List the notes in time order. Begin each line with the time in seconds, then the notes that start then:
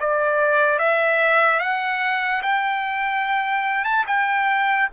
0.00 D5
0.79 E5
1.60 F#5
2.42 G5
3.84 A5
4.07 G5